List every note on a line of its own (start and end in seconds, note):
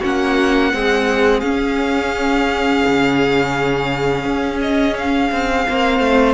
0.00 0.73 A#3
0.00 0.74 C#4
0.00 0.71 F#4
0.00 1.40 F#5
0.73 1.43 G#3
0.73 1.43 C4
0.73 5.69 G#4
1.40 2.84 C#4
1.40 5.67 C#4
1.40 4.58 F5
2.87 4.25 C#3
4.25 5.31 C#4
4.61 4.97 D#5
4.97 6.34 F5
5.32 5.67 C4
5.69 6.00 A#3
5.69 6.34 C4
5.69 6.34 C5
6.00 6.34 A3